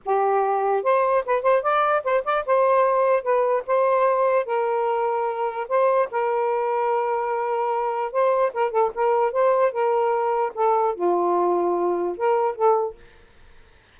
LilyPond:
\new Staff \with { instrumentName = "saxophone" } { \time 4/4 \tempo 4 = 148 g'2 c''4 b'8 c''8 | d''4 c''8 d''8 c''2 | b'4 c''2 ais'4~ | ais'2 c''4 ais'4~ |
ais'1 | c''4 ais'8 a'8 ais'4 c''4 | ais'2 a'4 f'4~ | f'2 ais'4 a'4 | }